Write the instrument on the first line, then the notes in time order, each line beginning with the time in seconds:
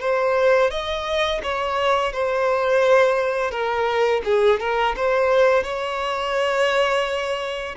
violin
0.00 C5
0.71 D#5
1.43 C#5
2.12 C5
3.51 A#4
4.24 G#4
4.59 A#4
4.96 C5
5.63 C#5